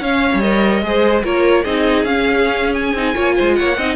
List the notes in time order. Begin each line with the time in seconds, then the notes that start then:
0.00 C#4 C#5 F5
0.35 G3
0.41 A#4 D#5
0.83 G#3 G#4 C5
1.24 A#3 F4 A#4 C#5
1.64 C4 D#4 G#4 D#5
2.05 C#4 F5
2.74 G#5
2.94 C4 D#4
3.14 A#3 F4 C#5
3.36 G#3 C5
3.55 A#3 C#5 F#5
3.77 C4 D#4 D#5